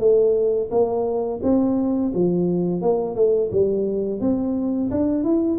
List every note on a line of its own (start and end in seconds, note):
0.00 0.70 A3
0.71 1.41 A#3
1.43 2.13 C4
2.15 2.82 F3
2.82 3.15 A#3
3.15 3.50 A3
3.52 4.21 G3
4.21 4.91 C4
4.91 5.24 D4
5.24 5.59 E4